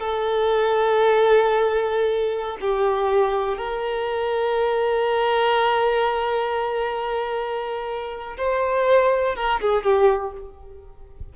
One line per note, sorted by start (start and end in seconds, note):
0.00 2.58 A4
2.61 3.58 G4
3.58 8.37 A#4
8.38 9.36 C5
9.36 9.61 A#4
9.61 9.84 G#4
9.84 10.33 G4